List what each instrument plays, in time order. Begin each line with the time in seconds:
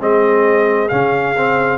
0.00 tuba G#3, trombone C4, horn G#4, trumpet D#5
0.88 tuba C#3, trombone C#4, trumpet F5
1.36 trombone C4